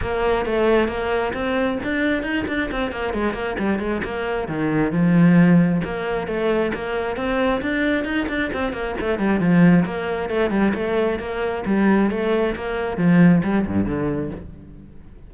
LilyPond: \new Staff \with { instrumentName = "cello" } { \time 4/4 \tempo 4 = 134 ais4 a4 ais4 c'4 | d'4 dis'8 d'8 c'8 ais8 gis8 ais8 | g8 gis8 ais4 dis4 f4~ | f4 ais4 a4 ais4 |
c'4 d'4 dis'8 d'8 c'8 ais8 | a8 g8 f4 ais4 a8 g8 | a4 ais4 g4 a4 | ais4 f4 g8 g,8 d4 | }